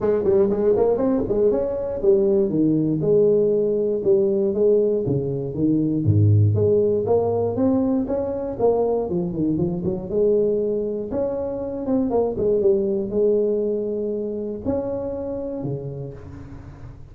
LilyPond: \new Staff \with { instrumentName = "tuba" } { \time 4/4 \tempo 4 = 119 gis8 g8 gis8 ais8 c'8 gis8 cis'4 | g4 dis4 gis2 | g4 gis4 cis4 dis4 | gis,4 gis4 ais4 c'4 |
cis'4 ais4 f8 dis8 f8 fis8 | gis2 cis'4. c'8 | ais8 gis8 g4 gis2~ | gis4 cis'2 cis4 | }